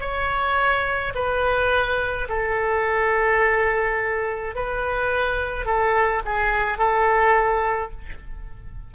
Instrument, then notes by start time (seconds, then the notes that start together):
oboe
0.00 C#5
1.15 B4
2.28 A4
4.55 B4
5.66 A4
6.25 G#4
6.78 A4